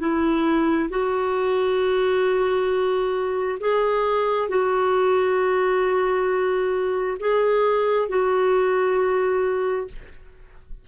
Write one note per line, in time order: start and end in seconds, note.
0.00 0.90 E4
0.90 3.59 F#4
3.60 4.49 G#4
4.49 7.18 F#4
7.20 8.09 G#4
8.09 9.88 F#4